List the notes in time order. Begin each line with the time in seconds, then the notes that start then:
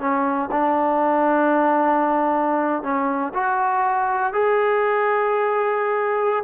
0.00 C#4
0.52 D4
2.83 C#4
3.34 F#4
4.33 G#4